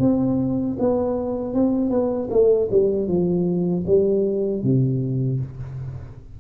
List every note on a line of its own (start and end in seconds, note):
0.00 0.77 C4
0.79 1.54 B3
1.54 1.90 C4
1.90 2.29 B3
2.30 2.69 A3
2.71 3.08 G3
3.08 3.85 F3
3.86 4.63 G3
4.63 5.40 C3